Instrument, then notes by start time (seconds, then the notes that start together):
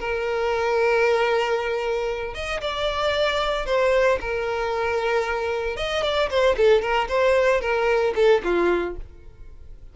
violin
0.00 A#4
2.34 D#5
2.61 D5
3.66 C5
4.21 A#4
5.76 D#5
6.03 D5
6.30 C5
6.57 A4
6.82 A#4
7.08 C5
7.61 A#4
8.15 A4
8.44 F4